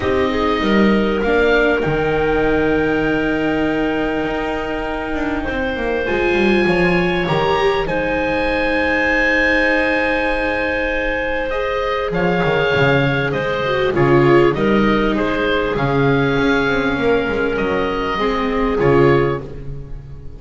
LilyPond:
<<
  \new Staff \with { instrumentName = "oboe" } { \time 4/4 \tempo 4 = 99 dis''2 f''4 g''4~ | g''1~ | g''2 gis''2 | ais''4 gis''2.~ |
gis''2. dis''4 | f''2 dis''4 cis''4 | dis''4 c''4 f''2~ | f''4 dis''2 cis''4 | }
  \new Staff \with { instrumentName = "clarinet" } { \time 4/4 g'8 gis'8 ais'2.~ | ais'1~ | ais'4 c''2 cis''4~ | cis''4 c''2.~ |
c''1 | cis''2 c''4 gis'4 | ais'4 gis'2. | ais'2 gis'2 | }
  \new Staff \with { instrumentName = "viola" } { \time 4/4 dis'2 d'4 dis'4~ | dis'1~ | dis'2 f'2 | g'4 dis'2.~ |
dis'2. gis'4~ | gis'2~ gis'8 fis'8 f'4 | dis'2 cis'2~ | cis'2 c'4 f'4 | }
  \new Staff \with { instrumentName = "double bass" } { \time 4/4 c'4 g4 ais4 dis4~ | dis2. dis'4~ | dis'8 d'8 c'8 ais8 gis8 g8 f4 | dis4 gis2.~ |
gis1 | f8 dis8 cis4 gis4 cis4 | g4 gis4 cis4 cis'8 c'8 | ais8 gis8 fis4 gis4 cis4 | }
>>